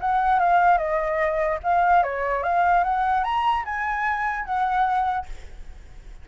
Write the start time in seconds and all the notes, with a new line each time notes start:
0.00 F#5
0.39 F5
0.77 D#5
1.63 F5
2.03 C#5
2.43 F5
2.84 F#5
3.24 A#5
3.65 G#5
4.45 F#5